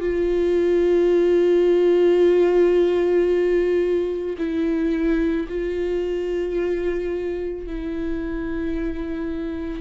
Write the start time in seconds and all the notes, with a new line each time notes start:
0.00 F4
4.37 E4
5.48 F4
7.67 E4